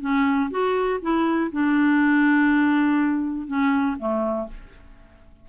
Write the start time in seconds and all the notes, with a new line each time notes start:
0.00 C#4
0.50 F#4
1.01 E4
1.52 D4
3.47 C#4
3.98 A3